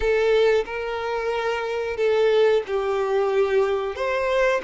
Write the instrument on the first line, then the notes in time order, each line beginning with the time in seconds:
violin
0.00 A4
0.65 A#4
1.97 A4
2.66 G4
3.95 C5